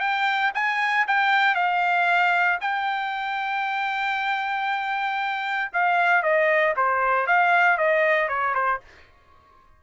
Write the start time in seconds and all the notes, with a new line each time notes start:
0.00 G5
0.55 G#5
1.08 G5
1.55 F5
2.61 G5
5.73 F5
6.23 D#5
6.77 C5
7.27 F5
7.78 D#5
8.29 C#5
8.54 C5